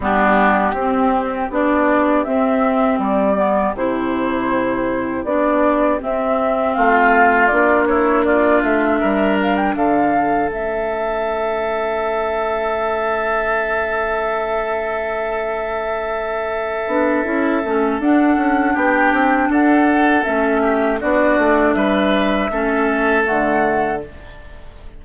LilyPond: <<
  \new Staff \with { instrumentName = "flute" } { \time 4/4 \tempo 4 = 80 g'2 d''4 e''4 | d''4 c''2 d''4 | e''4 f''4 d''8 cis''8 d''8 e''8~ | e''8 f''16 g''16 f''4 e''2~ |
e''1~ | e''1 | fis''4 g''4 fis''4 e''4 | d''4 e''2 fis''4 | }
  \new Staff \with { instrumentName = "oboe" } { \time 4/4 d'4 g'2.~ | g'1~ | g'4 f'4. e'8 f'4 | ais'4 a'2.~ |
a'1~ | a'1~ | a'4 g'4 a'4. g'8 | fis'4 b'4 a'2 | }
  \new Staff \with { instrumentName = "clarinet" } { \time 4/4 b4 c'4 d'4 c'4~ | c'8 b8 e'2 d'4 | c'2 d'2~ | d'2 cis'2~ |
cis'1~ | cis'2~ cis'8 d'8 e'8 cis'8 | d'2. cis'4 | d'2 cis'4 a4 | }
  \new Staff \with { instrumentName = "bassoon" } { \time 4/4 g4 c'4 b4 c'4 | g4 c2 b4 | c'4 a4 ais4. a8 | g4 d4 a2~ |
a1~ | a2~ a8 b8 cis'8 a8 | d'8 cis'8 b8 c'8 d'4 a4 | b8 a8 g4 a4 d4 | }
>>